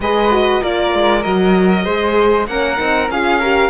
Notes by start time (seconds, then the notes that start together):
0.00 G#3 G#4 B4 D#5
0.31 F#4
0.61 A#3 F4 A#4 D5
0.94 G#3
1.22 F#3 F#4 D#5
1.84 G#3 G#4 C5
2.47 A#3 C#4 A#4 F#5
2.77 C4 D#4
3.09 C#4 F4 G#4 F5
3.39 G4 A#4